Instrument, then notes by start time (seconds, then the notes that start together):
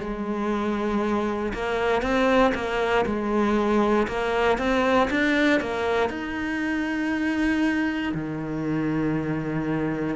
cello
0.00 G#3
1.53 A#3
2.02 C4
2.54 A#3
3.06 G#3
4.07 A#3
4.58 C4
5.10 D4
5.60 A#3
6.09 D#4
8.14 D#3